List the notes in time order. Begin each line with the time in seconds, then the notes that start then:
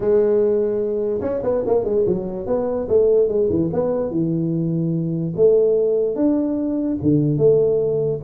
0.00 G#3
1.21 C#4
1.43 B3
1.66 A#3
1.84 G#3
2.07 F#3
2.46 B3
2.88 A3
3.28 G#3
3.49 E3
3.72 B3
4.10 E3
5.35 A3
6.15 D4
7.01 D3
7.37 A3